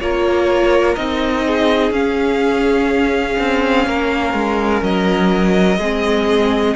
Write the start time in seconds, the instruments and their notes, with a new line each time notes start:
0.00 cello A#3, viola F4, violin A#4 C#5
0.95 cello C4, viola D#4, violin D#5
1.46 violin G#4
1.91 cello C#4, viola C#4, violin F5
3.39 cello C4
3.86 cello A#3, violin A#4
4.33 cello G#3
4.82 cello F#3, violin D#5
5.78 cello G#3, viola C4, violin G#4